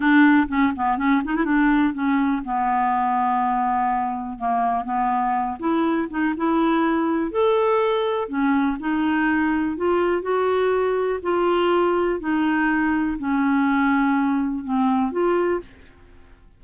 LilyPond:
\new Staff \with { instrumentName = "clarinet" } { \time 4/4 \tempo 4 = 123 d'4 cis'8 b8 cis'8 dis'16 e'16 d'4 | cis'4 b2.~ | b4 ais4 b4. e'8~ | e'8 dis'8 e'2 a'4~ |
a'4 cis'4 dis'2 | f'4 fis'2 f'4~ | f'4 dis'2 cis'4~ | cis'2 c'4 f'4 | }